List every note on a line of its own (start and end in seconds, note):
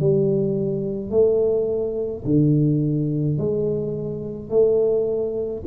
0.00 1.10 G3
1.10 2.23 A3
2.24 3.38 D3
3.38 4.49 G#3
4.49 5.62 A3